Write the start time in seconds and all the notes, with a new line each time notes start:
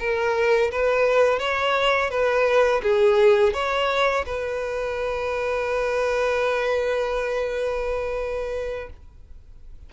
0.00 A#4
0.72 B4
1.40 C#5
2.11 B4
2.83 G#4
3.54 C#5
4.26 B4